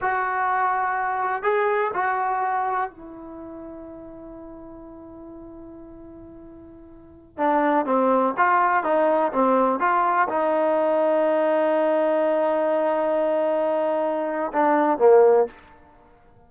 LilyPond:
\new Staff \with { instrumentName = "trombone" } { \time 4/4 \tempo 4 = 124 fis'2. gis'4 | fis'2 e'2~ | e'1~ | e'2.~ e'16 d'8.~ |
d'16 c'4 f'4 dis'4 c'8.~ | c'16 f'4 dis'2~ dis'8.~ | dis'1~ | dis'2 d'4 ais4 | }